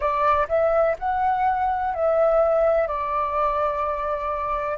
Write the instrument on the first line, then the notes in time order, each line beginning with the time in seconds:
flute
0.00 D5
0.48 E5
0.98 F#5
1.94 E5
2.87 D5